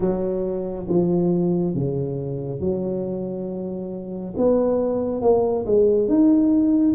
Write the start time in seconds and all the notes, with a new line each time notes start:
0.00 F#3
0.88 F3
1.74 C#3
2.60 F#3
4.37 B3
5.21 A#3
5.66 G#3
6.08 D#4